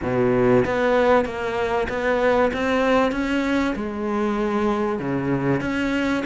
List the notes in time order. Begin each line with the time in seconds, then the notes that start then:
0.02 B2
0.65 B3
1.25 A#3
1.88 B3
2.53 C4
3.11 C#4
3.75 G#3
4.99 C#3
5.61 C#4